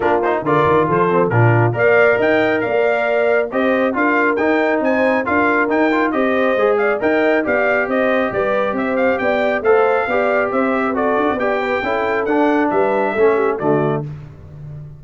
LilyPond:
<<
  \new Staff \with { instrumentName = "trumpet" } { \time 4/4 \tempo 4 = 137 ais'8 c''8 d''4 c''4 ais'4 | f''4 g''4 f''2 | dis''4 f''4 g''4 gis''4 | f''4 g''4 dis''4. f''8 |
g''4 f''4 dis''4 d''4 | e''8 f''8 g''4 f''2 | e''4 d''4 g''2 | fis''4 e''2 d''4 | }
  \new Staff \with { instrumentName = "horn" } { \time 4/4 f'4 ais'4 a'4 f'4 | d''4 dis''4 d''2 | c''4 ais'2 c''4 | ais'2 c''4. d''8 |
dis''4 d''4 c''4 b'4 | c''4 d''4 c''4 d''4 | c''8. b'16 a'4 d''8 b'8 a'4~ | a'4 b'4 a'8 g'8 fis'4 | }
  \new Staff \with { instrumentName = "trombone" } { \time 4/4 d'8 dis'8 f'4. c'8 d'4 | ais'1 | g'4 f'4 dis'2 | f'4 dis'8 f'8 g'4 gis'4 |
ais'4 g'2.~ | g'2 a'4 g'4~ | g'4 fis'4 g'4 e'4 | d'2 cis'4 a4 | }
  \new Staff \with { instrumentName = "tuba" } { \time 4/4 ais4 d8 dis8 f4 ais,4 | ais4 dis'4 ais2 | c'4 d'4 dis'4 c'4 | d'4 dis'4 c'4 gis4 |
dis'4 b4 c'4 g4 | c'4 b4 a4 b4 | c'4. d'16 c'16 b4 cis'4 | d'4 g4 a4 d4 | }
>>